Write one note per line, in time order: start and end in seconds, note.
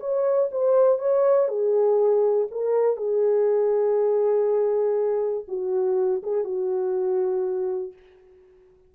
0.00 0.50 C#5
0.52 0.99 C5
0.99 1.48 C#5
1.48 2.48 G#4
2.51 2.97 A#4
2.97 5.45 G#4
5.48 6.22 F#4
6.23 6.44 G#4
6.44 7.93 F#4